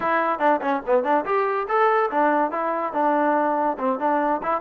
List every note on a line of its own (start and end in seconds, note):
0.00 0.39 E4
0.39 0.60 D4
0.61 0.82 C#4
0.86 1.03 B3
1.03 1.24 D4
1.25 1.67 G4
1.68 2.10 A4
2.10 2.51 D4
2.51 2.93 E4
2.93 3.77 D4
3.78 3.99 C4
3.99 4.41 D4
4.42 4.60 E4